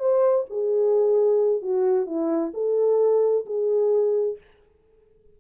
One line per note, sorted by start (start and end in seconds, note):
0.00 0.46 C5
0.50 1.62 G#4
1.62 2.07 F#4
2.07 2.53 E4
2.54 3.46 A4
3.46 4.38 G#4